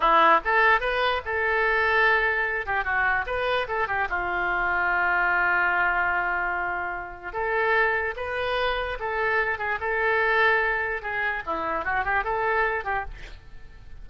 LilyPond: \new Staff \with { instrumentName = "oboe" } { \time 4/4 \tempo 4 = 147 e'4 a'4 b'4 a'4~ | a'2~ a'8 g'8 fis'4 | b'4 a'8 g'8 f'2~ | f'1~ |
f'2 a'2 | b'2 a'4. gis'8 | a'2. gis'4 | e'4 fis'8 g'8 a'4. g'8 | }